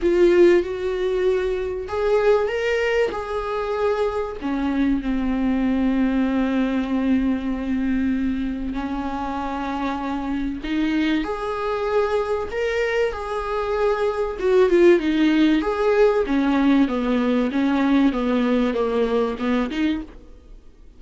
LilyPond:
\new Staff \with { instrumentName = "viola" } { \time 4/4 \tempo 4 = 96 f'4 fis'2 gis'4 | ais'4 gis'2 cis'4 | c'1~ | c'2 cis'2~ |
cis'4 dis'4 gis'2 | ais'4 gis'2 fis'8 f'8 | dis'4 gis'4 cis'4 b4 | cis'4 b4 ais4 b8 dis'8 | }